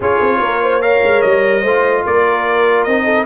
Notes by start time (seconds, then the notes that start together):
0.00 C#4 F4 G#4 C#5
0.20 C4
0.39 A#3 A#4
0.62 C5
0.81 A#4 C#5 F5
1.03 G#3
1.21 G3 D#5
1.61 A3 F4 C5
2.05 A#3 A#4 D5
2.83 C4 D#4 D#5
3.05 A4